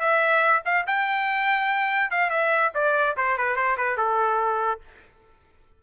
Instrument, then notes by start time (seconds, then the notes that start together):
trumpet
0.00 E5
0.65 F5
0.87 G5
2.11 F5
2.30 E5
2.75 D5
3.17 C5
3.38 B4
3.56 C5
3.77 B4
3.97 A4